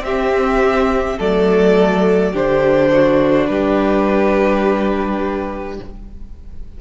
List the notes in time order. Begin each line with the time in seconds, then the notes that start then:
0.00 C4 G4 E5
1.18 F#3 A3 A4 D5
2.33 D3 D4 G4 C5
2.93 F#4
3.47 G3 G4 B4